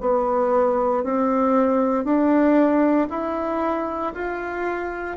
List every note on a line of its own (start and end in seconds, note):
0.00 1.03 B3
1.03 2.04 C4
2.04 3.07 D4
3.09 4.13 E4
4.13 5.16 F4